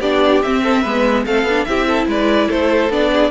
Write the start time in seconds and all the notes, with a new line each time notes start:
0.00 B3 D4 G4 D5
0.42 C4 E5
0.62 A4
0.81 G#3 B3 B4
1.25 A3 C4 A4 F5
1.44 B3 D4
1.64 C4 E4 G4 E5
1.87 A4
2.07 G#3 B4 D5
2.48 A3 A4 C5
2.89 B3 D4 D5
3.11 G#4